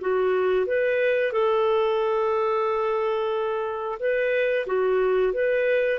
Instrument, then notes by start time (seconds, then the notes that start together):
clarinet
0.00 F#4
0.66 B4
1.32 A4
3.99 B4
4.66 F#4
5.33 B4